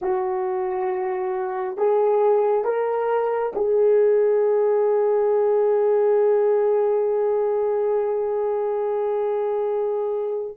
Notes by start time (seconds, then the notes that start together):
0.01 F#4
1.76 G#4
2.64 A#4
3.55 G#4